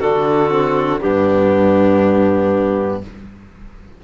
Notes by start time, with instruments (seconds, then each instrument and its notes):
0.00 cello D3, trombone D4, violin F#4, clarinet A4
0.49 trombone C4
1.00 cello G2, trombone B3, violin D4, clarinet G4